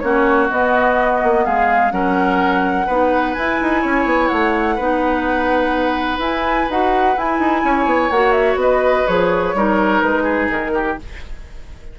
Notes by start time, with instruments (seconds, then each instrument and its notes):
0.00 bassoon A#3, clarinet C#4, oboe F#4, flute C#5
0.50 clarinet B3, bassoon B3, flute D#5
1.24 bassoon A#3
1.45 bassoon G#3, oboe G#4, flute F5
1.91 bassoon F#3, clarinet C#4, oboe A#4, flute F#5
2.87 bassoon B3, clarinet D#4, oboe B4
3.34 clarinet E4, bassoon E4, flute G#5
3.62 bassoon D#4
3.82 bassoon C#4, oboe C#5
4.06 bassoon B3
4.28 bassoon A3, flute F#5
4.76 bassoon B3, clarinet D#4, oboe B4
6.19 bassoon E4, clarinet E4, flute G#5
6.70 bassoon D#4, clarinet F#4, flute F#5
7.17 clarinet E4, bassoon E4, flute G#5
7.39 bassoon D#4
7.64 bassoon C#4, oboe C#5
7.86 bassoon B3
8.11 bassoon A#3, clarinet F#4, flute F#5
8.32 flute E5
8.56 bassoon B3, oboe B4, flute D#5
9.07 bassoon F3, clarinet G#4, flute C#5
9.55 bassoon G3, clarinet D#4, oboe A#4
10.02 bassoon G#3, flute B4
10.23 oboe G#4
10.50 bassoon D#3, flute A#4
10.75 oboe G4